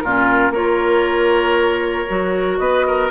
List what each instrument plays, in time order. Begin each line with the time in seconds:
0.00 bassoon A#2, clarinet C#4, oboe F4, flute A#4
0.50 bassoon A#3, clarinet F4, oboe A#4, flute C#5
2.08 bassoon F#3, clarinet F#4
2.58 bassoon B3, oboe B4, flute D#5
2.87 oboe A#4